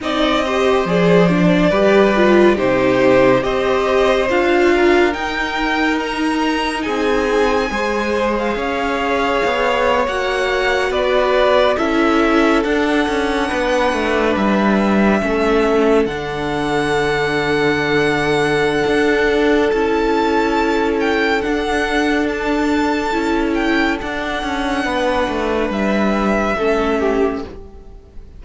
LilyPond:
<<
  \new Staff \with { instrumentName = "violin" } { \time 4/4 \tempo 4 = 70 dis''4 d''2 c''4 | dis''4 f''4 g''4 ais''4 | gis''4.~ gis''16 f''2 fis''16~ | fis''8. d''4 e''4 fis''4~ fis''16~ |
fis''8. e''2 fis''4~ fis''16~ | fis''2. a''4~ | a''8 g''8 fis''4 a''4. g''8 | fis''2 e''2 | }
  \new Staff \with { instrumentName = "violin" } { \time 4/4 d''8 c''4. b'4 g'4 | c''4. ais'2~ ais'8 | gis'4 c''4 cis''2~ | cis''8. b'4 a'2 b'16~ |
b'4.~ b'16 a'2~ a'16~ | a'1~ | a'1~ | a'4 b'2 a'8 g'8 | }
  \new Staff \with { instrumentName = "viola" } { \time 4/4 dis'8 g'8 gis'8 d'8 g'8 f'8 dis'4 | g'4 f'4 dis'2~ | dis'4 gis'2~ gis'8. fis'16~ | fis'4.~ fis'16 e'4 d'4~ d'16~ |
d'4.~ d'16 cis'4 d'4~ d'16~ | d'2. e'4~ | e'4 d'2 e'4 | d'2. cis'4 | }
  \new Staff \with { instrumentName = "cello" } { \time 4/4 c'4 f4 g4 c4 | c'4 d'4 dis'2 | c'4 gis4 cis'4 b8. ais16~ | ais8. b4 cis'4 d'8 cis'8 b16~ |
b16 a8 g4 a4 d4~ d16~ | d2 d'4 cis'4~ | cis'4 d'2 cis'4 | d'8 cis'8 b8 a8 g4 a4 | }
>>